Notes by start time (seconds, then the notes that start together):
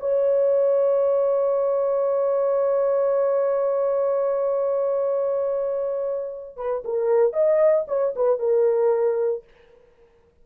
0.00 C#5
6.57 B4
6.85 A#4
7.33 D#5
7.88 C#5
8.16 B4
8.39 A#4